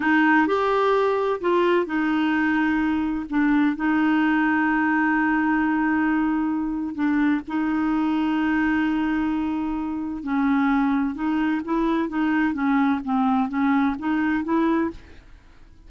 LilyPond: \new Staff \with { instrumentName = "clarinet" } { \time 4/4 \tempo 4 = 129 dis'4 g'2 f'4 | dis'2. d'4 | dis'1~ | dis'2. d'4 |
dis'1~ | dis'2 cis'2 | dis'4 e'4 dis'4 cis'4 | c'4 cis'4 dis'4 e'4 | }